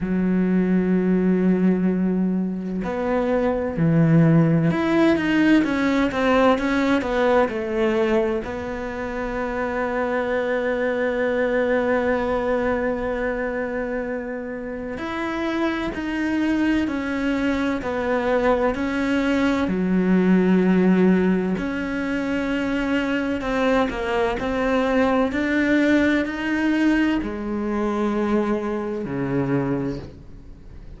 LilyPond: \new Staff \with { instrumentName = "cello" } { \time 4/4 \tempo 4 = 64 fis2. b4 | e4 e'8 dis'8 cis'8 c'8 cis'8 b8 | a4 b2.~ | b1 |
e'4 dis'4 cis'4 b4 | cis'4 fis2 cis'4~ | cis'4 c'8 ais8 c'4 d'4 | dis'4 gis2 cis4 | }